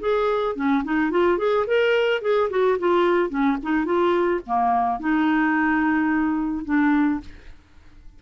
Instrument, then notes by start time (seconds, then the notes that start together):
clarinet
0.00 G#4
0.56 C#4
0.84 D#4
1.11 F4
1.38 G#4
1.67 A#4
2.22 G#4
2.50 F#4
2.79 F4
3.30 C#4
3.63 D#4
3.85 F4
4.46 A#3
5.00 D#4
6.65 D4